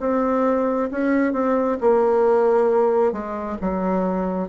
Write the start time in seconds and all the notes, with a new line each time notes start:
0.00 C4
0.91 C#4
1.32 C4
1.80 A#3
3.12 G#3
3.61 F#3